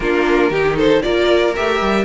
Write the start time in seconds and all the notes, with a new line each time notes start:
0.00 A#3 D4 F4 A#4
0.50 D#3 D#4 G4
0.76 A4 C5
1.01 A#3 F4 A#4 D5
1.55 A3 G4 E5
1.80 G3